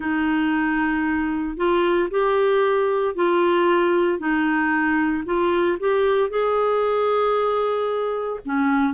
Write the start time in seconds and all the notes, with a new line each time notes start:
0.00 D#4
1.56 F4
2.10 G4
3.15 F4
4.18 D#4
5.25 F4
5.79 G4
6.29 G#4
8.45 C#4